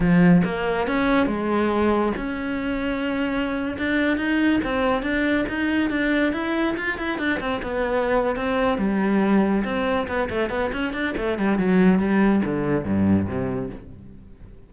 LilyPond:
\new Staff \with { instrumentName = "cello" } { \time 4/4 \tempo 4 = 140 f4 ais4 cis'4 gis4~ | gis4 cis'2.~ | cis'8. d'4 dis'4 c'4 d'16~ | d'8. dis'4 d'4 e'4 f'16~ |
f'16 e'8 d'8 c'8 b4.~ b16 c'8~ | c'8 g2 c'4 b8 | a8 b8 cis'8 d'8 a8 g8 fis4 | g4 d4 g,4 c4 | }